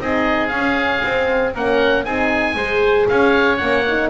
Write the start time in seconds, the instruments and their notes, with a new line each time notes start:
0.00 double bass C4, horn D#4, oboe G#4 D#5
0.48 double bass C#4, horn C#4, oboe F5
1.04 double bass C4, horn C4
1.54 double bass A#3, horn C#4, oboe A#4 F#5
2.05 double bass C4, horn D#4, oboe G#4 G#5
2.55 double bass G#3, horn G#4, oboe C5
3.08 double bass C#4, oboe C#5 F5
3.57 double bass A#3, horn C#4, oboe F#5
3.89 horn D#4